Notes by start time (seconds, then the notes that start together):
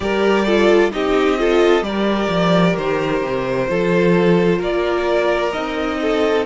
0.00 G3 G4 A#4 D5
0.45 F4 A4
0.91 C4 D#4 G4 D#5
1.38 F4 A4
1.81 G3 G4 A#4 D5
2.28 F3
2.76 D#3 C5
3.22 C3
3.66 F3 F4 A4
4.58 A#3 A#4 D5
5.52 C4 D#4 D#5
6.01 A4